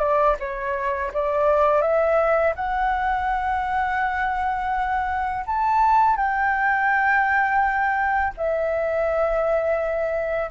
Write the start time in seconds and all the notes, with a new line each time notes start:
0.00 D5
0.40 C#5
1.14 D5
1.82 E5
2.56 F#5
5.47 A5
6.17 G5
8.38 E5